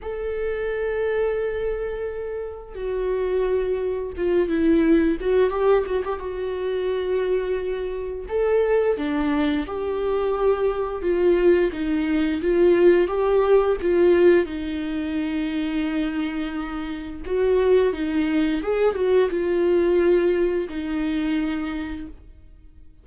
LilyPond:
\new Staff \with { instrumentName = "viola" } { \time 4/4 \tempo 4 = 87 a'1 | fis'2 f'8 e'4 fis'8 | g'8 fis'16 g'16 fis'2. | a'4 d'4 g'2 |
f'4 dis'4 f'4 g'4 | f'4 dis'2.~ | dis'4 fis'4 dis'4 gis'8 fis'8 | f'2 dis'2 | }